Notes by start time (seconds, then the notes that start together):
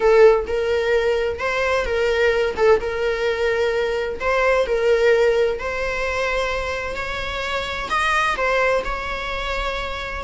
0.00 A4
0.47 A#4
1.39 C5
1.85 A#4
2.56 A4
2.80 A#4
4.20 C5
4.66 A#4
5.59 C5
6.96 C#5
7.89 D#5
8.36 C5
8.84 C#5